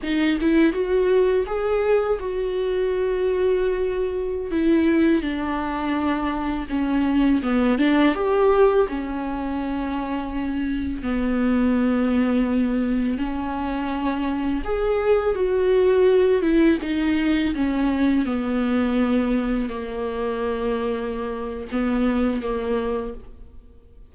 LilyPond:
\new Staff \with { instrumentName = "viola" } { \time 4/4 \tempo 4 = 83 dis'8 e'8 fis'4 gis'4 fis'4~ | fis'2~ fis'16 e'4 d'8.~ | d'4~ d'16 cis'4 b8 d'8 g'8.~ | g'16 cis'2. b8.~ |
b2~ b16 cis'4.~ cis'16~ | cis'16 gis'4 fis'4. e'8 dis'8.~ | dis'16 cis'4 b2 ais8.~ | ais2 b4 ais4 | }